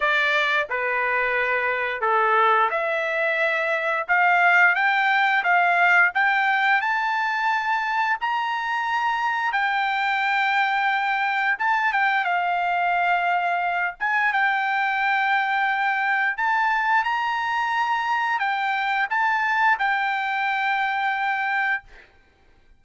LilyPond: \new Staff \with { instrumentName = "trumpet" } { \time 4/4 \tempo 4 = 88 d''4 b'2 a'4 | e''2 f''4 g''4 | f''4 g''4 a''2 | ais''2 g''2~ |
g''4 a''8 g''8 f''2~ | f''8 gis''8 g''2. | a''4 ais''2 g''4 | a''4 g''2. | }